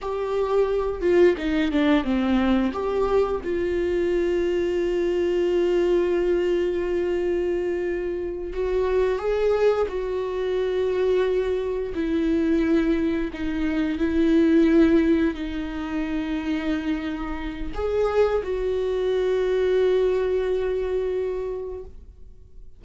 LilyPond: \new Staff \with { instrumentName = "viola" } { \time 4/4 \tempo 4 = 88 g'4. f'8 dis'8 d'8 c'4 | g'4 f'2.~ | f'1~ | f'8 fis'4 gis'4 fis'4.~ |
fis'4. e'2 dis'8~ | dis'8 e'2 dis'4.~ | dis'2 gis'4 fis'4~ | fis'1 | }